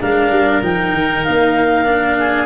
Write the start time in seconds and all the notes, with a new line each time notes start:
0.00 G#3 D4 A#4 F5
0.30 G3
0.62 F3 D#4 G5
0.92 D#3
1.24 A#3 F5
1.85 D4
2.19 G#4